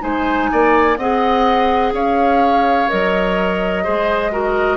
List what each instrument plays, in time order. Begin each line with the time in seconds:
0.00 bassoon G#3, clarinet D#4, oboe C5, flute G#5
0.52 bassoon A#3, oboe D5
0.97 bassoon C4, clarinet G#4, oboe D#5, flute F#5
1.92 bassoon C#4, oboe C#5, flute F5
2.89 bassoon F#3, clarinet A#4, flute D#5
3.84 bassoon G#3, clarinet G#4, oboe C5
4.31 clarinet F#4, oboe A#4